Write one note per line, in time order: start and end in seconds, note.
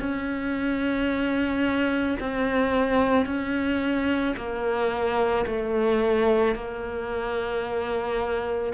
0.00 2.18 C#4
2.20 3.26 C4
3.26 4.35 C#4
4.37 5.46 A#3
5.46 6.55 A3
6.55 8.73 A#3